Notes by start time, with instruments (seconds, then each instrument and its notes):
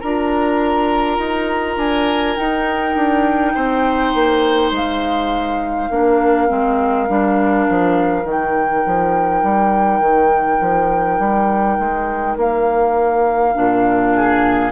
0.00 bassoon D4, clarinet F4, oboe A#4, flute A#5
1.19 bassoon D#4
1.77 bassoon D4, flute G#5
2.37 clarinet D#4, bassoon D#4, flute G5
2.96 bassoon D4
3.55 bassoon C4, oboe C5
4.14 bassoon A#3
4.72 bassoon G#3, flute F5
5.90 bassoon A#3, clarinet D4, oboe A#4
6.49 bassoon G#3, clarinet C4
7.09 bassoon G3, clarinet D4
7.69 bassoon F3
8.22 bassoon D#3, clarinet D#4, flute G5
8.87 bassoon F3
9.43 bassoon G3
10.00 bassoon D#3
10.61 bassoon F3
11.19 bassoon G3
11.79 bassoon G#3
12.37 bassoon A#3, flute F5
13.55 bassoon A#2, clarinet D4
14.15 oboe G#4